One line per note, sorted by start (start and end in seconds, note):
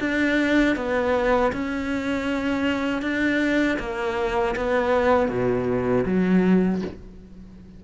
0.00 0.76 D4
0.76 1.52 B3
1.53 3.02 C#4
3.02 3.78 D4
3.79 4.55 A#3
4.56 5.29 B3
5.29 6.05 B2
6.06 6.82 F#3